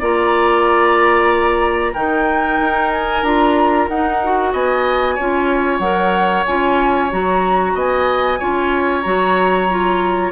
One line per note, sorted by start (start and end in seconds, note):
0.00 1.95 A#3
0.00 1.95 F4
0.00 1.93 D5
0.00 1.95 A#5
1.93 2.60 D#3
1.93 3.24 D#4
1.93 4.51 A#4
1.93 2.91 G5
2.61 3.23 D#4
2.92 3.24 G#5
3.23 3.88 D4
3.23 3.90 F4
3.23 3.88 A#5
3.89 4.54 D#4
3.89 4.24 D#4
3.89 4.53 F#5
4.24 5.19 F#4
4.53 5.18 B3
4.53 5.15 D#5
4.53 5.80 G#5
5.15 5.80 C#4
5.15 5.83 F4
5.15 7.73 C#5
5.80 6.44 F#3
5.80 6.47 A#4
5.80 6.44 F#5
6.47 7.13 C#4
6.47 7.11 F4
6.47 7.11 G#5
7.11 7.75 F#3
7.11 8.40 F#4
7.11 7.78 A#5
7.75 8.39 B3
7.75 8.40 D#5
7.75 9.02 G#5
8.40 9.06 C#4
8.40 9.04 F4
8.40 10.32 C#5
9.02 10.32 F#3
9.02 9.69 F#4
9.02 10.31 A#5
9.71 10.32 F4